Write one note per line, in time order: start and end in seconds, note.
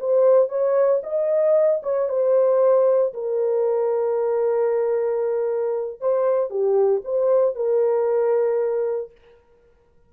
0.00 0.49 C5
0.49 1.02 C#5
1.04 1.82 D#5
1.83 2.09 C#5
2.09 3.14 C5
3.14 6.01 A#4
6.01 6.50 C5
6.50 7.02 G4
7.05 7.55 C5
7.55 9.12 A#4